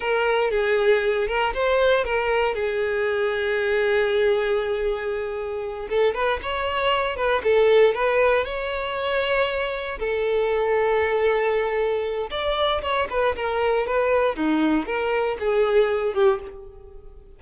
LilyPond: \new Staff \with { instrumentName = "violin" } { \time 4/4 \tempo 4 = 117 ais'4 gis'4. ais'8 c''4 | ais'4 gis'2.~ | gis'2.~ gis'8 a'8 | b'8 cis''4. b'8 a'4 b'8~ |
b'8 cis''2. a'8~ | a'1 | d''4 cis''8 b'8 ais'4 b'4 | dis'4 ais'4 gis'4. g'8 | }